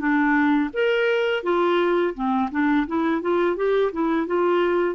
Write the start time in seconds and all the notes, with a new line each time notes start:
0.00 D4
0.73 A#4
1.44 F4
2.15 C4
2.52 D4
2.87 E4
3.22 F4
3.57 G4
3.93 E4
4.27 F4